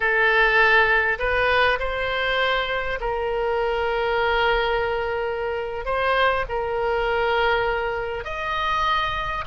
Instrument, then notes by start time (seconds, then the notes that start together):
oboe
0.00 A4
1.18 B4
1.79 C5
3.00 A#4
5.85 C5
6.48 A#4
8.24 D#5